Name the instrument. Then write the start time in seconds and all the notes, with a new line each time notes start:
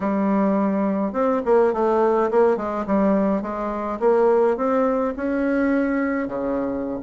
bassoon
0.00 G3
1.12 C4
1.45 A#3
1.73 A3
2.31 A#3
2.56 G#3
2.86 G3
3.42 G#3
3.99 A#3
4.56 C4
5.16 C#4
6.27 C#3